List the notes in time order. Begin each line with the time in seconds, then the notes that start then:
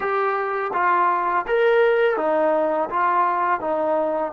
0.00 G4
0.73 F4
1.47 A#4
2.17 D#4
2.89 F4
3.60 D#4